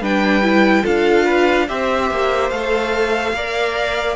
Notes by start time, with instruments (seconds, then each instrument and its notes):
0.00 cello G3, viola D4, violin B4 G5
0.42 viola E4
0.83 cello D4, viola F4, violin A4 F5
1.24 violin B4
1.68 cello C4, viola G4, violin C5 E5
2.11 cello A#3
2.50 cello A3, viola A4, violin F5
3.33 cello A#3, viola A#4, violin D5